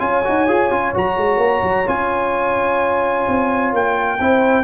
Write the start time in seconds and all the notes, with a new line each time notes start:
0.00 C#4 F4 C#5 G#5
0.25 D#4 F#4
0.48 F4 G#4
0.71 C#4 F4
0.94 F#3 F#4 A#5
1.18 G#3
1.38 A#3
1.63 F#3
1.87 C#4 F4 G#5
3.28 C4
3.74 A#3 G5
4.20 C4 E4 C5